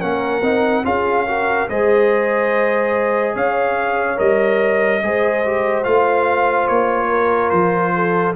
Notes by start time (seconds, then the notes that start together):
0.00 A#3 C#4 A#4 F#5
0.42 C4 D#4
0.85 C#4 F4 G#4 F5
1.27 F#4 A#4
1.69 G#3 G#4 C5 D#5
3.35 C#4 C#5 F5
4.16 G3 A#4 D#5
5.03 G#3 G#4 C5
5.45 G4
5.84 A3 F4 F5
6.68 A#3 C#5
7.09 A#4
7.50 F3 C5
7.95 A4